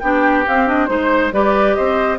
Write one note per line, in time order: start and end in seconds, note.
0.00 0.46 B3
0.00 0.47 D4
0.00 0.90 G4
0.00 0.43 G5
0.48 0.67 C4
0.48 0.89 C4
0.48 0.69 F5
0.67 0.88 D4
0.67 0.86 D#5
0.86 1.33 G#3
0.86 1.31 D#4
0.86 1.30 C5
0.86 1.34 C5
1.33 1.76 G3
1.33 2.19 G4
1.33 1.77 B4
1.33 1.75 D5
1.75 2.19 C4
1.75 2.19 C5
1.75 2.18 D#5